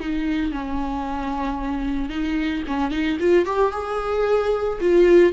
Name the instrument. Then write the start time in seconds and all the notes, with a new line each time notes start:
viola
0.00 D#4
0.52 C#4
2.10 D#4
2.68 C#4
2.92 D#4
3.20 F4
3.46 G4
3.72 G#4
4.81 F4